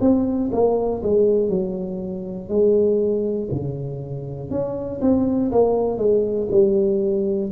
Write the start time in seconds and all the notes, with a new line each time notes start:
0.00 C4
0.52 A#3
1.02 G#3
1.49 F#3
2.49 G#3
3.50 C#3
4.50 C#4
5.01 C4
5.51 A#3
5.97 G#3
6.50 G3